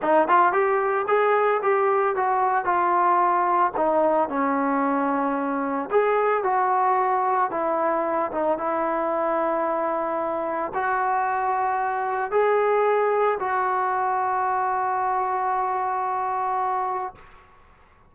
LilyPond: \new Staff \with { instrumentName = "trombone" } { \time 4/4 \tempo 4 = 112 dis'8 f'8 g'4 gis'4 g'4 | fis'4 f'2 dis'4 | cis'2. gis'4 | fis'2 e'4. dis'8 |
e'1 | fis'2. gis'4~ | gis'4 fis'2.~ | fis'1 | }